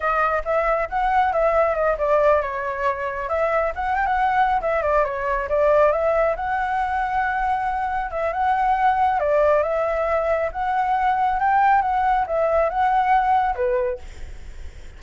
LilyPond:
\new Staff \with { instrumentName = "flute" } { \time 4/4 \tempo 4 = 137 dis''4 e''4 fis''4 e''4 | dis''8 d''4 cis''2 e''8~ | e''8 fis''8 g''16 fis''4~ fis''16 e''8 d''8 cis''8~ | cis''8 d''4 e''4 fis''4.~ |
fis''2~ fis''8 e''8 fis''4~ | fis''4 d''4 e''2 | fis''2 g''4 fis''4 | e''4 fis''2 b'4 | }